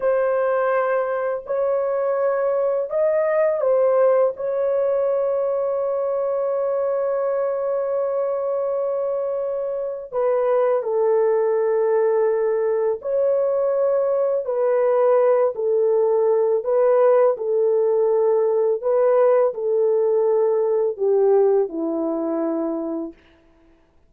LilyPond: \new Staff \with { instrumentName = "horn" } { \time 4/4 \tempo 4 = 83 c''2 cis''2 | dis''4 c''4 cis''2~ | cis''1~ | cis''2 b'4 a'4~ |
a'2 cis''2 | b'4. a'4. b'4 | a'2 b'4 a'4~ | a'4 g'4 e'2 | }